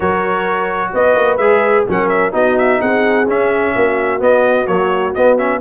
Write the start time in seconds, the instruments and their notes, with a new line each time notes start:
0.00 tuba F#3, trombone F#4, horn A#4, trumpet C#5
0.93 tuba B3, horn B4, trumpet D#5
1.15 tuba A#3
1.37 tuba G#3, trombone G#4, trumpet E5
1.87 tuba F#3, trombone C#4, horn A#4, trumpet F#5
2.08 trumpet E5
2.31 tuba B3, trombone D#4, horn F#4, trumpet D#5
2.57 trumpet E5
2.80 tuba C4, horn G#4, trumpet F#5
3.27 tuba C#4, trombone C#4, trumpet E5
3.75 tuba A#3, horn F#4
4.19 trombone B3, tuba B3, trumpet D#5
4.66 trombone F#3, tuba A#3, trumpet C#5
5.14 tuba B3, trombone B3, trumpet D#5
5.38 trombone C#4, trumpet E5